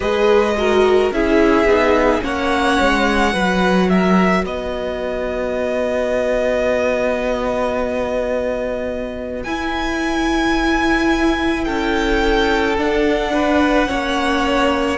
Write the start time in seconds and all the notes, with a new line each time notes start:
0.00 G#3 G#4 B4 D#5
0.57 F#4 A#4
1.11 C#4 E4 G#4 E5
1.65 B3 D#4
2.21 A#3 C#4 C#5 F#5
2.81 G#3
3.32 F#3 F#4 B4
3.89 A#4 E5
4.43 B3 B4 D#5
9.43 E4 G#5
11.64 C#4 A4 G5
12.77 D4 F#5
13.33 B4
13.87 A#3 C#4 C#5